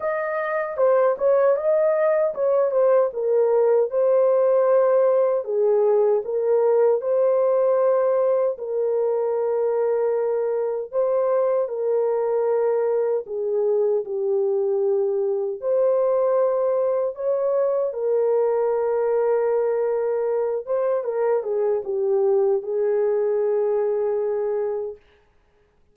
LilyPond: \new Staff \with { instrumentName = "horn" } { \time 4/4 \tempo 4 = 77 dis''4 c''8 cis''8 dis''4 cis''8 c''8 | ais'4 c''2 gis'4 | ais'4 c''2 ais'4~ | ais'2 c''4 ais'4~ |
ais'4 gis'4 g'2 | c''2 cis''4 ais'4~ | ais'2~ ais'8 c''8 ais'8 gis'8 | g'4 gis'2. | }